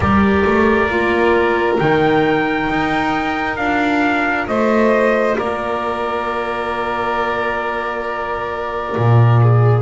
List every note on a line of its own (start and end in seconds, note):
0.00 0.44 G3
0.00 0.90 G4
0.00 4.48 A#4
0.00 1.76 D5
0.45 0.89 A3
0.89 1.79 A#3
0.89 1.78 F4
1.78 2.69 D#3
1.78 3.55 D#4
1.78 3.56 G5
2.69 3.57 D#4
3.55 4.47 D4
3.55 9.82 F4
3.55 4.46 F5
4.47 5.37 A3
4.47 5.37 C5
4.47 5.36 D#5
5.37 8.96 A#3
5.37 9.40 A#4
5.37 9.82 D5
8.97 9.82 A#2
9.42 9.82 G#4